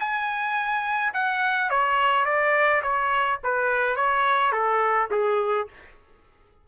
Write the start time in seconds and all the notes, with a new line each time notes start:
0.00 G#5
1.14 F#5
1.70 C#5
2.26 D5
2.83 C#5
3.44 B4
3.96 C#5
4.53 A4
5.11 G#4